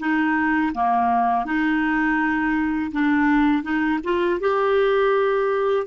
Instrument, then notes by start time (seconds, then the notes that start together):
clarinet
0.00 D#4
0.75 A#3
1.46 D#4
2.92 D4
3.64 D#4
4.04 F4
4.41 G4